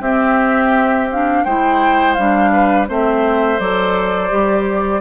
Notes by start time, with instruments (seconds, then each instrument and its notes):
0.00 bassoon C4, clarinet C4, oboe G4, flute E5
1.11 clarinet D4, flute F5
1.44 bassoon G#3, clarinet E4, oboe C5, flute G5
2.14 bassoon G3, clarinet D4, flute F5
2.53 oboe B4
2.87 bassoon A3, clarinet C4, oboe C5, flute E5
3.59 bassoon F#3, clarinet A4, flute D5
4.29 bassoon G3, clarinet G4